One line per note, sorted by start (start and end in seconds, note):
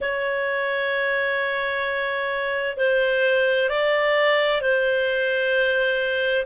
0.00 2.77 C#5
2.77 3.69 C5
3.69 4.61 D5
4.61 6.45 C5